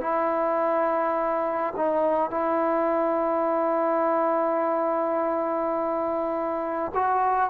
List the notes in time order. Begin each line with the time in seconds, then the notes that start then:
0.00 E4
1.76 D#4
2.30 E4
6.94 F#4